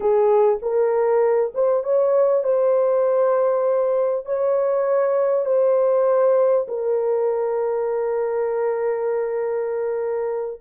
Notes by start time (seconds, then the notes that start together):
0.00 G#4
0.62 A#4
1.54 C5
1.83 C#5
2.43 C5
4.25 C#5
5.45 C5
6.67 A#4